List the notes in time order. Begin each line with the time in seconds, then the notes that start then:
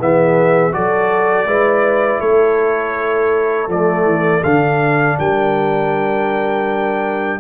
0.00 E3 B3 G#4 E5
0.72 F#3 F#4 A4 D5
1.46 G#3 E4 B4
2.20 A3 A4 C#5
3.68 F3 A3 D5
4.04 E3
4.44 D3 D4 F5
5.19 G3 A#4 G5